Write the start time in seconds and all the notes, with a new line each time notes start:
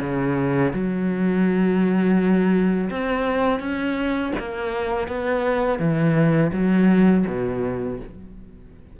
0.00 C#3
0.73 F#3
2.90 C4
3.59 C#4
4.39 A#3
5.08 B3
5.79 E3
6.53 F#3
7.27 B2